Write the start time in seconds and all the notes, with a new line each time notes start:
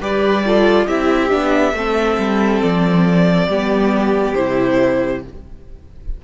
0.00 G3 G4 B4 D5
0.46 F4 A4
0.87 C4 E4 G4 E5
1.30 B3 D4
1.74 A3 C4 A4
2.19 G3
2.62 F3 D5
3.47 G3 B3 G4
4.35 C3 E4 C5